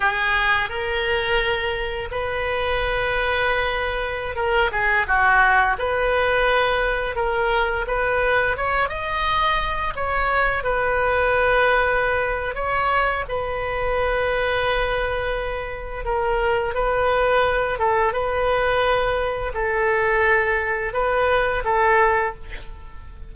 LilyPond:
\new Staff \with { instrumentName = "oboe" } { \time 4/4 \tempo 4 = 86 gis'4 ais'2 b'4~ | b'2~ b'16 ais'8 gis'8 fis'8.~ | fis'16 b'2 ais'4 b'8.~ | b'16 cis''8 dis''4. cis''4 b'8.~ |
b'2 cis''4 b'4~ | b'2. ais'4 | b'4. a'8 b'2 | a'2 b'4 a'4 | }